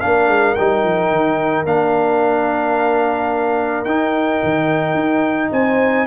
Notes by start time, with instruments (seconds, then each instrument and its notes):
0.00 tuba A#3, trombone D4, horn A#4, trumpet F5
0.27 tuba G#3
0.54 tuba G3, trombone D#4, trumpet G5
0.84 tuba F3
1.10 tuba D#3
1.65 tuba A#3, trombone D4, trumpet F5
3.84 tuba D#4, trombone D#4, trumpet G5
4.43 tuba D#3
4.94 tuba D#4
5.52 tuba C4, horn C5, trumpet G#5